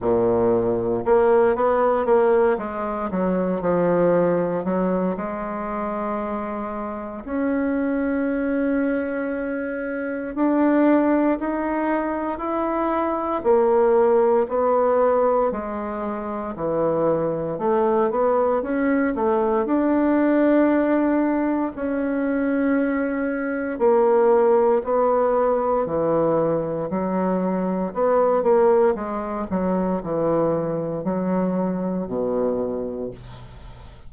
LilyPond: \new Staff \with { instrumentName = "bassoon" } { \time 4/4 \tempo 4 = 58 ais,4 ais8 b8 ais8 gis8 fis8 f8~ | f8 fis8 gis2 cis'4~ | cis'2 d'4 dis'4 | e'4 ais4 b4 gis4 |
e4 a8 b8 cis'8 a8 d'4~ | d'4 cis'2 ais4 | b4 e4 fis4 b8 ais8 | gis8 fis8 e4 fis4 b,4 | }